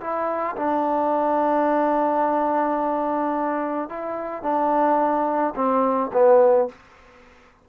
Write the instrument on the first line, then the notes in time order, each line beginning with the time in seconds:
trombone
0.00 E4
0.56 D4
3.89 E4
4.43 D4
5.55 C4
6.13 B3